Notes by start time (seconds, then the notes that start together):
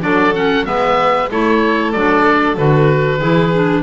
0.00 F#3 D4 A4 D5
0.34 C#4 F#5
0.64 G#3 B3 B4 E5
1.29 A3 E4 A4 C#5
1.92 F#3 D4 D5
2.57 D3 F#4 B4
3.19 E3 E4 G#4
3.54 D4